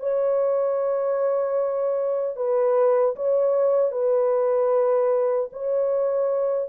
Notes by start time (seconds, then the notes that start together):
0.00 C#5
2.36 B4
3.16 C#5
3.92 B4
5.53 C#5